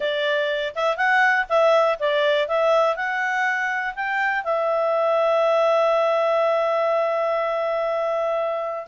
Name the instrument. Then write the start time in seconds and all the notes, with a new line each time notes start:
clarinet
0.00 D5
0.75 E5
0.96 F#5
1.49 E5
1.99 D5
2.47 E5
2.96 F#5
3.95 G5
4.44 E5